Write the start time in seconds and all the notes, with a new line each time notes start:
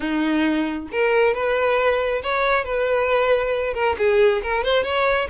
0.00 D#4
0.91 A#4
1.34 B4
2.22 C#5
2.64 B4
3.74 A#4
3.97 G#4
4.43 A#4
4.64 C5
4.83 C#5